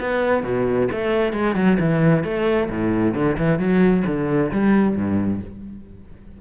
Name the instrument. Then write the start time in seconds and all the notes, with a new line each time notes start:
cello
0.00 B3
0.43 B2
0.91 A3
1.33 G#3
1.55 F#3
1.79 E3
2.24 A3
2.70 A2
3.14 D3
3.38 E3
3.58 F#3
4.06 D3
4.52 G3
4.96 G2